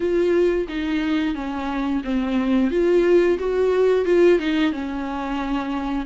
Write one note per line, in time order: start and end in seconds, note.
0.00 0.67 F4
0.68 1.34 D#4
1.34 2.02 C#4
2.03 2.70 C4
2.70 3.38 F4
3.38 4.05 F#4
4.05 4.39 F4
4.39 4.72 D#4
4.72 6.06 C#4